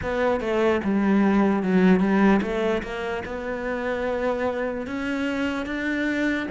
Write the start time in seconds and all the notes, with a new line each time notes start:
0.02 B3
0.40 A3
0.83 G3
1.62 F#3
1.99 G3
2.41 A3
2.82 A#3
3.25 B3
4.86 C#4
5.65 D4